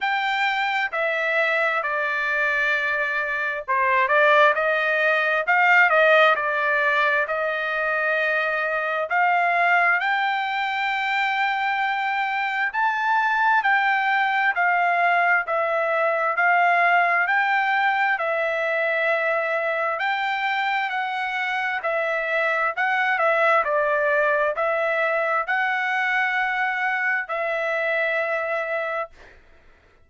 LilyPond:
\new Staff \with { instrumentName = "trumpet" } { \time 4/4 \tempo 4 = 66 g''4 e''4 d''2 | c''8 d''8 dis''4 f''8 dis''8 d''4 | dis''2 f''4 g''4~ | g''2 a''4 g''4 |
f''4 e''4 f''4 g''4 | e''2 g''4 fis''4 | e''4 fis''8 e''8 d''4 e''4 | fis''2 e''2 | }